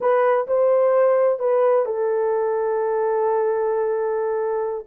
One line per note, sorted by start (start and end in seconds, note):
0.00 0.46 B4
0.47 1.39 C5
1.39 1.85 B4
1.85 4.85 A4